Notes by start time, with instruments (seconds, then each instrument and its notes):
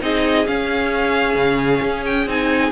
0.00 cello C4, viola D#4, violin G#4 D#5
0.46 viola C#4, cello C#4, violin F5
1.35 cello C#3
1.81 cello C#4
2.05 violin G5
2.26 cello C4, viola D#4, violin G#5